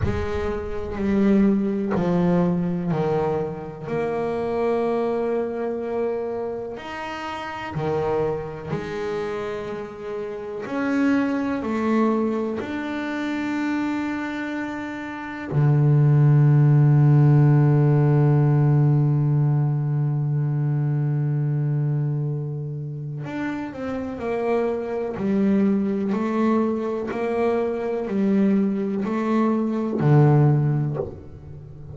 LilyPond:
\new Staff \with { instrumentName = "double bass" } { \time 4/4 \tempo 4 = 62 gis4 g4 f4 dis4 | ais2. dis'4 | dis4 gis2 cis'4 | a4 d'2. |
d1~ | d1 | d'8 c'8 ais4 g4 a4 | ais4 g4 a4 d4 | }